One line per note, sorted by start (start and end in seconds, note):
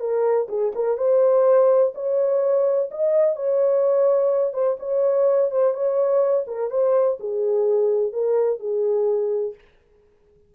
0.00 0.48 A#4
0.49 0.73 G#4
0.75 0.98 A#4
0.98 1.93 C5
1.95 2.90 C#5
2.91 3.36 D#5
3.36 4.53 C#5
4.53 4.77 C5
4.80 5.51 C#5
5.51 5.74 C5
5.74 6.45 C#5
6.47 6.71 A#4
6.71 7.18 C5
7.20 8.13 G#4
8.13 8.60 A#4
8.60 9.55 G#4